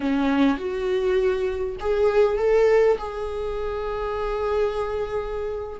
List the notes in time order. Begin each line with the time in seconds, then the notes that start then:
0.00 C#4
0.57 F#4
1.80 G#4
2.38 A4
2.98 G#4